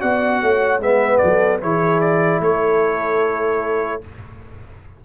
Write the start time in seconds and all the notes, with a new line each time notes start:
0.00 B3 F#4 D5 F#5
0.42 A3 C#5
0.79 G#3 B3 B4 E5
1.18 F#3 A4 D5
1.61 E3 E4 G#4 C#5
2.00 D5
2.40 A3 A4 C#5